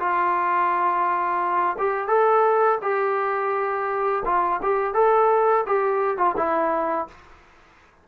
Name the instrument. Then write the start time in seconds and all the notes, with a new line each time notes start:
trombone
0.00 F4
1.79 G4
2.08 A4
2.82 G4
4.25 F4
4.63 G4
4.94 A4
5.67 G4
6.18 F4
6.37 E4